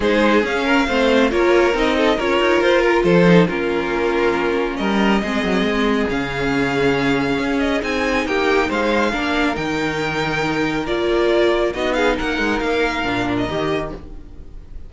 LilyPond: <<
  \new Staff \with { instrumentName = "violin" } { \time 4/4 \tempo 4 = 138 c''4 f''2 cis''4 | dis''4 cis''4 c''8 ais'8 c''4 | ais'2. dis''4~ | dis''2 f''2~ |
f''4. dis''8 gis''4 g''4 | f''2 g''2~ | g''4 d''2 dis''8 f''8 | fis''4 f''4.~ f''16 dis''4~ dis''16 | }
  \new Staff \with { instrumentName = "violin" } { \time 4/4 gis'4. ais'8 c''4 ais'4~ | ais'8 a'8 ais'2 a'4 | f'2. ais'4 | gis'1~ |
gis'2. g'4 | c''4 ais'2.~ | ais'2. fis'8 gis'8 | ais'1 | }
  \new Staff \with { instrumentName = "viola" } { \time 4/4 dis'4 cis'4 c'4 f'4 | dis'4 f'2~ f'8 dis'8 | cis'1 | c'2 cis'2~ |
cis'2 dis'2~ | dis'4 d'4 dis'2~ | dis'4 f'2 dis'4~ | dis'2 d'4 g'4 | }
  \new Staff \with { instrumentName = "cello" } { \time 4/4 gis4 cis'4 a4 ais4 | c'4 cis'8 dis'8 f'4 f4 | ais2. g4 | gis8 fis8 gis4 cis2~ |
cis4 cis'4 c'4 ais4 | gis4 ais4 dis2~ | dis4 ais2 b4 | ais8 gis8 ais4 ais,4 dis4 | }
>>